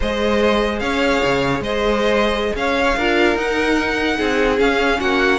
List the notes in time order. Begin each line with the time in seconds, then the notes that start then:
0.00 G#3 G#4 C5 D#5
0.79 C#4 C#5 F5
1.24 C#3
1.60 G#3 C5 D#5
2.55 C#4 C#5 F5
2.96 D4 F4 A#4
3.35 D#4 F#5
4.17 C4 G#4
4.58 C#4 F5
4.99 A#3 F#4 F#5